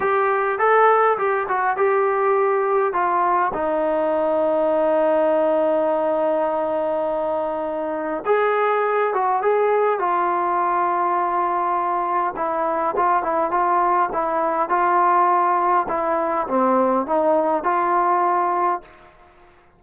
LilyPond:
\new Staff \with { instrumentName = "trombone" } { \time 4/4 \tempo 4 = 102 g'4 a'4 g'8 fis'8 g'4~ | g'4 f'4 dis'2~ | dis'1~ | dis'2 gis'4. fis'8 |
gis'4 f'2.~ | f'4 e'4 f'8 e'8 f'4 | e'4 f'2 e'4 | c'4 dis'4 f'2 | }